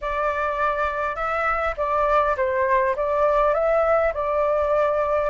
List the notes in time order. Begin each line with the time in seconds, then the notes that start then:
0.01 D5
1.15 E5
1.77 D5
2.36 C5
2.95 D5
3.53 E5
4.13 D5